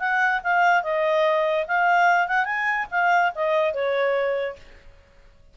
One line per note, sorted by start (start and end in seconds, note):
0.00 0.41 F#5
0.44 0.83 F5
0.83 1.66 D#5
1.68 2.28 F5
2.28 2.45 F#5
2.45 2.87 G#5
2.91 3.33 F5
3.35 3.74 D#5
3.74 4.57 C#5